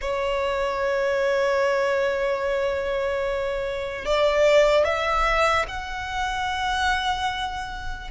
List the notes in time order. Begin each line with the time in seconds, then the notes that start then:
0.01 C#5
4.05 D5
4.84 E5
5.68 F#5